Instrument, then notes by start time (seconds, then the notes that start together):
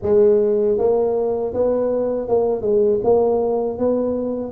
tuba
0.02 G#3
0.78 A#3
1.53 B3
2.28 A#3
2.61 G#3
3.03 A#3
3.78 B3